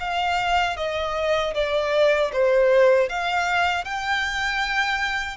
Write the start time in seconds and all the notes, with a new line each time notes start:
0.00 F5
0.77 D#5
1.55 D5
2.33 C5
3.09 F5
3.85 G5